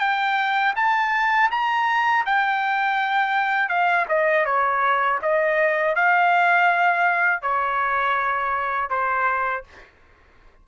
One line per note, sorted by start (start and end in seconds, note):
0.00 0.74 G5
0.76 1.51 A5
1.52 2.26 A#5
2.26 3.69 G5
3.69 4.06 F5
4.09 4.46 D#5
4.46 5.20 C#5
5.23 5.96 D#5
5.96 7.42 F5
7.42 8.90 C#5
8.90 9.64 C5